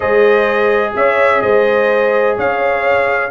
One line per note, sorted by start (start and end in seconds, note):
0.00 0.95 G#3
0.00 3.29 G#4
0.00 0.93 C5
0.00 0.93 D#5
0.95 1.42 C#4
0.95 1.43 C#5
0.95 1.41 E5
1.41 2.37 G#3
1.41 2.36 C5
1.41 2.36 D#5
2.36 3.30 C#4
2.36 3.30 C#5
2.36 3.30 F5